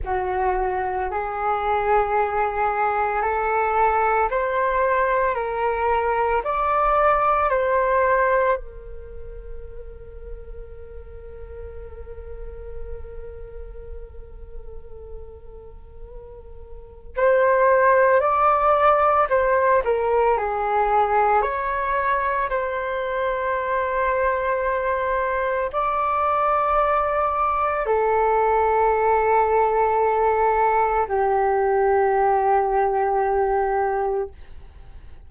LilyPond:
\new Staff \with { instrumentName = "flute" } { \time 4/4 \tempo 4 = 56 fis'4 gis'2 a'4 | c''4 ais'4 d''4 c''4 | ais'1~ | ais'1 |
c''4 d''4 c''8 ais'8 gis'4 | cis''4 c''2. | d''2 a'2~ | a'4 g'2. | }